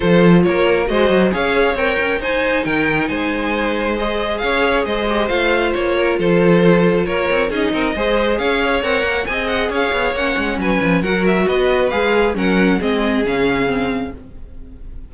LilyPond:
<<
  \new Staff \with { instrumentName = "violin" } { \time 4/4 \tempo 4 = 136 c''4 cis''4 dis''4 f''4 | g''4 gis''4 g''4 gis''4~ | gis''4 dis''4 f''4 dis''4 | f''4 cis''4 c''2 |
cis''4 dis''2 f''4 | fis''4 gis''8 fis''8 f''4 fis''4 | gis''4 fis''8 e''8 dis''4 f''4 | fis''4 dis''4 f''2 | }
  \new Staff \with { instrumentName = "violin" } { \time 4/4 a'4 ais'4 c''4 cis''4~ | cis''4 c''4 ais'4 c''4~ | c''2 cis''4 c''4~ | c''4. ais'8 a'2 |
ais'4 gis'8 ais'8 c''4 cis''4~ | cis''4 dis''4 cis''2 | b'4 ais'4 b'2 | ais'4 gis'2. | }
  \new Staff \with { instrumentName = "viola" } { \time 4/4 f'2 fis'4 gis'4 | ais'4 dis'2.~ | dis'4 gis'2~ gis'8 g'8 | f'1~ |
f'4 dis'4 gis'2 | ais'4 gis'2 cis'4~ | cis'4 fis'2 gis'4 | cis'4 c'4 cis'4 c'4 | }
  \new Staff \with { instrumentName = "cello" } { \time 4/4 f4 ais4 gis8 fis8 cis'4 | c'8 cis'8 dis'4 dis4 gis4~ | gis2 cis'4 gis4 | a4 ais4 f2 |
ais8 c'8 cis'8 c'8 gis4 cis'4 | c'8 ais8 c'4 cis'8 b8 ais8 gis8 | fis8 f8 fis4 b4 gis4 | fis4 gis4 cis2 | }
>>